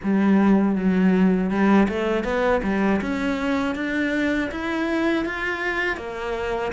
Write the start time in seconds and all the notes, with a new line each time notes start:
0.03 G3
0.75 F#3
1.50 G3
1.88 A3
2.23 B3
2.63 G3
3.01 C#4
3.75 D4
4.51 E4
5.25 F4
5.97 A#3